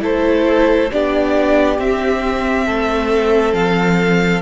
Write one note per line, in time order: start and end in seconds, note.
0.00 0.90 A3
0.00 0.88 E4
0.00 0.92 A4
0.00 0.92 C5
0.92 1.79 B3
0.92 1.78 D4
0.92 2.66 G4
0.92 1.80 D5
1.78 4.42 C4
1.78 2.67 C4
1.78 3.54 E5
2.66 3.53 A3
2.66 4.42 A4
3.53 4.41 F3
3.53 4.42 F5